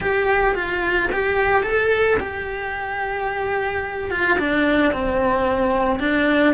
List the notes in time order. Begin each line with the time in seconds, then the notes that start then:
0.00 G4
0.55 F4
1.12 G4
1.63 A4
2.20 G4
4.10 F4
4.38 D4
4.92 C4
5.99 D4